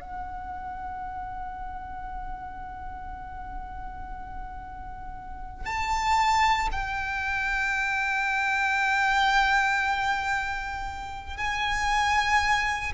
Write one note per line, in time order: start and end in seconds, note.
0.00 5.65 F#5
5.65 6.69 A5
6.71 11.37 G5
11.37 12.92 G#5